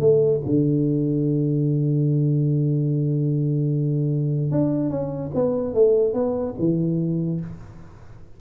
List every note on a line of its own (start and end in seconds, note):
0.00 0.41 A3
0.45 4.51 D3
4.51 4.90 D4
4.90 5.31 C#4
5.34 5.74 B3
5.74 6.14 A3
6.14 6.54 B3
6.58 7.40 E3